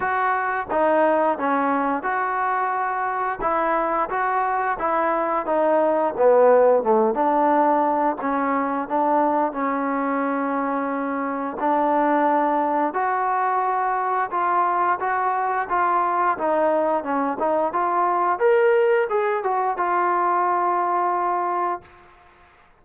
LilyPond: \new Staff \with { instrumentName = "trombone" } { \time 4/4 \tempo 4 = 88 fis'4 dis'4 cis'4 fis'4~ | fis'4 e'4 fis'4 e'4 | dis'4 b4 a8 d'4. | cis'4 d'4 cis'2~ |
cis'4 d'2 fis'4~ | fis'4 f'4 fis'4 f'4 | dis'4 cis'8 dis'8 f'4 ais'4 | gis'8 fis'8 f'2. | }